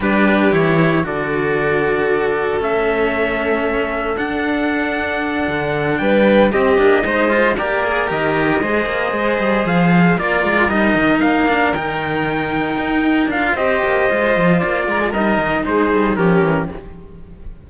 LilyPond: <<
  \new Staff \with { instrumentName = "trumpet" } { \time 4/4 \tempo 4 = 115 b'4 cis''4 d''2~ | d''4 e''2. | fis''2.~ fis''8 g''8~ | g''8 dis''2 d''4 dis''8~ |
dis''2~ dis''8 f''4 d''8~ | d''8 dis''4 f''4 g''4.~ | g''4. f''8 dis''2 | d''4 dis''4 c''4 ais'4 | }
  \new Staff \with { instrumentName = "violin" } { \time 4/4 g'2 a'2~ | a'1~ | a'2.~ a'8 b'8~ | b'8 g'4 c''4 ais'4.~ |
ais'8 c''2. ais'8~ | ais'1~ | ais'2 c''2~ | c''8 ais'16 gis'16 ais'4 gis'4 g'4 | }
  \new Staff \with { instrumentName = "cello" } { \time 4/4 d'4 e'4 fis'2~ | fis'4 cis'2. | d'1~ | d'8 c'8 d'8 dis'8 f'8 g'8 gis'8 g'8~ |
g'8 gis'2. f'8~ | f'8 dis'4. d'8 dis'4.~ | dis'4. f'8 g'4 f'4~ | f'4 dis'2 cis'4 | }
  \new Staff \with { instrumentName = "cello" } { \time 4/4 g4 e4 d2~ | d4 a2. | d'2~ d'8 d4 g8~ | g8 c'8 ais8 gis4 ais4 dis8~ |
dis8 gis8 ais8 gis8 g8 f4 ais8 | gis8 g8 dis8 ais4 dis4.~ | dis8 dis'4 d'8 c'8 ais8 gis8 f8 | ais8 gis8 g8 dis8 gis8 g8 f8 e8 | }
>>